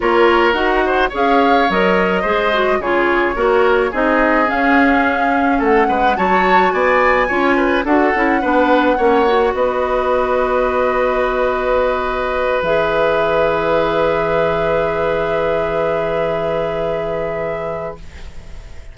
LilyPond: <<
  \new Staff \with { instrumentName = "flute" } { \time 4/4 \tempo 4 = 107 cis''4 fis''4 f''4 dis''4~ | dis''4 cis''2 dis''4 | f''2 fis''4 a''4 | gis''2 fis''2~ |
fis''4 dis''2.~ | dis''2~ dis''8 e''4.~ | e''1~ | e''1 | }
  \new Staff \with { instrumentName = "oboe" } { \time 4/4 ais'4. c''8 cis''2 | c''4 gis'4 ais'4 gis'4~ | gis'2 a'8 b'8 cis''4 | d''4 cis''8 b'8 a'4 b'4 |
cis''4 b'2.~ | b'1~ | b'1~ | b'1 | }
  \new Staff \with { instrumentName = "clarinet" } { \time 4/4 f'4 fis'4 gis'4 ais'4 | gis'8 fis'8 f'4 fis'4 dis'4 | cis'2. fis'4~ | fis'4 f'4 fis'8 e'8 d'4 |
cis'8 fis'2.~ fis'8~ | fis'2~ fis'8 gis'4.~ | gis'1~ | gis'1 | }
  \new Staff \with { instrumentName = "bassoon" } { \time 4/4 ais4 dis'4 cis'4 fis4 | gis4 cis4 ais4 c'4 | cis'2 a8 gis8 fis4 | b4 cis'4 d'8 cis'8 b4 |
ais4 b2.~ | b2~ b8 e4.~ | e1~ | e1 | }
>>